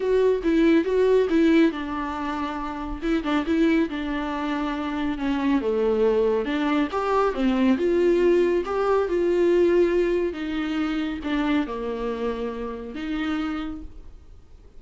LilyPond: \new Staff \with { instrumentName = "viola" } { \time 4/4 \tempo 4 = 139 fis'4 e'4 fis'4 e'4 | d'2. e'8 d'8 | e'4 d'2. | cis'4 a2 d'4 |
g'4 c'4 f'2 | g'4 f'2. | dis'2 d'4 ais4~ | ais2 dis'2 | }